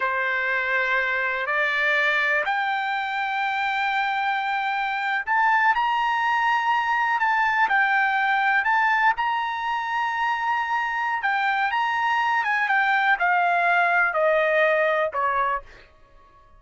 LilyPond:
\new Staff \with { instrumentName = "trumpet" } { \time 4/4 \tempo 4 = 123 c''2. d''4~ | d''4 g''2.~ | g''2~ g''8. a''4 ais''16~ | ais''2~ ais''8. a''4 g''16~ |
g''4.~ g''16 a''4 ais''4~ ais''16~ | ais''2. g''4 | ais''4. gis''8 g''4 f''4~ | f''4 dis''2 cis''4 | }